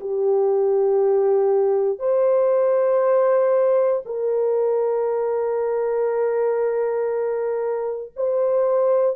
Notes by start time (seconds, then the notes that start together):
0.00 G4
1.98 C5
4.05 A#4
8.16 C5